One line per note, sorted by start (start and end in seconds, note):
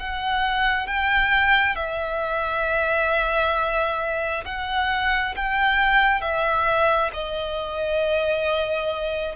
0.00 0.88 F#5
0.88 1.76 G5
1.76 4.45 E5
4.46 5.35 F#5
5.36 6.22 G5
6.22 7.11 E5
7.14 9.36 D#5